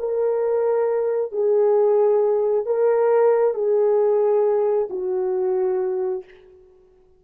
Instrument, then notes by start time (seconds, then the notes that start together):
horn
0.00 A#4
1.32 G#4
2.66 A#4
3.55 G#4
4.91 F#4